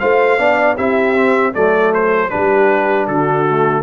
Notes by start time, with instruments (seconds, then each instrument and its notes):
0.00 tuba A3, trombone F4, horn C5, trumpet F5
0.39 tuba B3, trombone D4, horn D5
0.76 tuba C4, trombone E4, horn G4, trumpet E5
1.15 trombone C4
1.54 tuba F#3, trombone A3, horn A4, trumpet D5
1.94 trumpet C5
2.30 tuba G3, trombone D4, horn G4, trumpet B4
3.08 tuba D3, horn F#4, trumpet A4
3.50 trombone A3